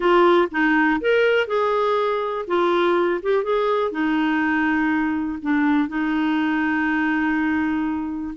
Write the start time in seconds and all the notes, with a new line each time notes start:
0.00 F4
0.51 D#4
1.01 A#4
1.47 G#4
2.47 F4
3.22 G4
3.43 G#4
3.91 D#4
5.41 D4
5.88 D#4